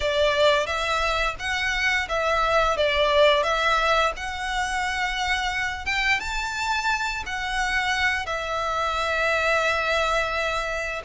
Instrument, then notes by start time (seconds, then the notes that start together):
violin
0.00 D5
0.66 E5
1.39 F#5
2.08 E5
2.76 D5
3.43 E5
4.16 F#5
5.85 G5
6.20 A5
7.26 F#5
8.26 E5